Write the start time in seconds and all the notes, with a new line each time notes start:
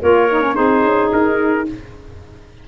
0.00 A#3 F4 A#4 C#5
0.30 D#4
0.41 C#4
0.53 C4 D#4 G#4 C5
0.83 C#4
1.12 D#4 A#4